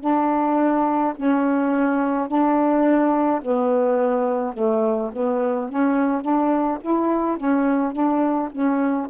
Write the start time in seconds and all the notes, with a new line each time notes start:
0.00 D4
1.16 C#4
2.28 D4
3.41 B3
4.53 A3
5.12 B3
5.69 C#4
6.21 D4
6.81 E4
7.37 C#4
7.92 D4
8.51 C#4